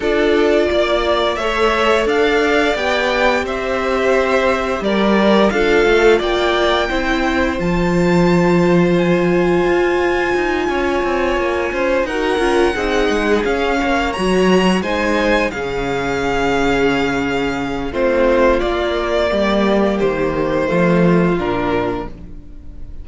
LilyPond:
<<
  \new Staff \with { instrumentName = "violin" } { \time 4/4 \tempo 4 = 87 d''2 e''4 f''4 | g''4 e''2 d''4 | f''4 g''2 a''4~ | a''4 gis''2.~ |
gis''4. fis''2 f''8~ | f''8 ais''4 gis''4 f''4.~ | f''2 c''4 d''4~ | d''4 c''2 ais'4 | }
  \new Staff \with { instrumentName = "violin" } { \time 4/4 a'4 d''4 cis''4 d''4~ | d''4 c''2 ais'4 | a'4 d''4 c''2~ | c''2.~ c''8 cis''8~ |
cis''4 c''8 ais'4 gis'4. | cis''4. c''4 gis'4.~ | gis'2 f'2 | g'2 f'2 | }
  \new Staff \with { instrumentName = "viola" } { \time 4/4 f'2 a'2 | g'1 | f'2 e'4 f'4~ | f'1~ |
f'4. fis'8 f'8 dis'4 cis'8~ | cis'8 fis'4 dis'4 cis'4.~ | cis'2 c'4 ais4~ | ais2 a4 d'4 | }
  \new Staff \with { instrumentName = "cello" } { \time 4/4 d'4 ais4 a4 d'4 | b4 c'2 g4 | d'8 a8 ais4 c'4 f4~ | f2 f'4 dis'8 cis'8 |
c'8 ais8 cis'8 dis'8 cis'8 c'8 gis8 cis'8 | ais8 fis4 gis4 cis4.~ | cis2 a4 ais4 | g4 dis4 f4 ais,4 | }
>>